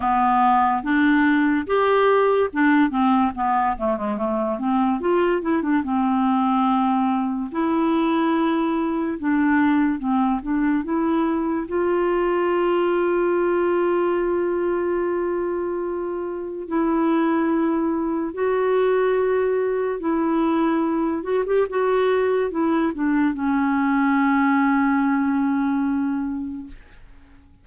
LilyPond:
\new Staff \with { instrumentName = "clarinet" } { \time 4/4 \tempo 4 = 72 b4 d'4 g'4 d'8 c'8 | b8 a16 gis16 a8 c'8 f'8 e'16 d'16 c'4~ | c'4 e'2 d'4 | c'8 d'8 e'4 f'2~ |
f'1 | e'2 fis'2 | e'4. fis'16 g'16 fis'4 e'8 d'8 | cis'1 | }